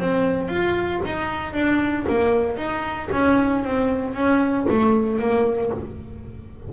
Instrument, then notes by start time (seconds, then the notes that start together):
double bass
0.00 C4
0.49 F4
1.06 D#4
1.54 D4
2.09 A#3
2.57 D#4
3.13 C#4
3.65 C4
4.15 C#4
4.70 A3
5.19 A#3